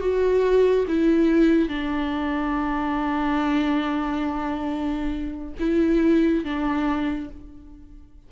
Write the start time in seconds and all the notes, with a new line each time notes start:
0.00 F#4
0.88 E4
1.68 D4
5.59 E4
6.44 D4